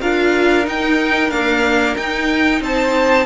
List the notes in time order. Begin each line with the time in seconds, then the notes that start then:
0.00 D4 F4 A#4 F5
0.64 D#4 G5
1.30 A#3 D4 F5
1.96 D#4 G5
2.61 C4 C5 A5